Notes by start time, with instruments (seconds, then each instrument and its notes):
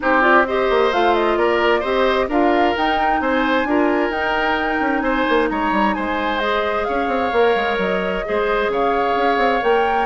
0.00 bassoon C4, clarinet D#4, oboe G4, flute C5
0.21 clarinet F4, flute D5
0.47 clarinet G4, oboe C5, flute D#5
0.70 bassoon A#3
0.92 bassoon A3, clarinet F4, flute F5
1.14 flute D#5
1.36 bassoon A#3, oboe A#4, flute D5
1.79 bassoon C4, clarinet G4, oboe C5, flute D#5
2.28 bassoon D4, clarinet F4, oboe A#4, flute F5
2.76 clarinet D#4, bassoon D#4, flute G5
3.20 bassoon C4, oboe C5, flute G#5
3.64 bassoon D4, clarinet F4, oboe A#4
4.09 bassoon D#4, clarinet D#4, flute G5
4.80 bassoon C#4
5.00 bassoon C4, oboe C5, flute G#5
5.29 bassoon A#3
5.49 bassoon G#3, oboe C#5, flute A#5
5.71 bassoon G3
5.93 bassoon G#3, oboe C5, flute G#5
6.38 clarinet G#4, flute D#5
6.84 bassoon C#4, oboe C#5, flute F5
7.07 bassoon C4
7.32 bassoon A#3, clarinet A#4
7.55 bassoon G#3
7.77 bassoon F#3, flute D#5
8.25 bassoon G#3, clarinet G#4, oboe C5
8.68 bassoon C#3, oboe C#5, flute F5
9.15 bassoon C#4
9.37 bassoon C4
9.61 bassoon A#3, clarinet A#4, flute G5